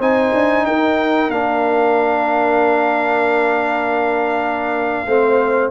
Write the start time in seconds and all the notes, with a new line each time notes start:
0.00 C4 D#4 C5 G#5
0.35 D4
0.66 D#4 A#4 G5
1.30 A#3 D4 F5
5.07 A3 C4 C5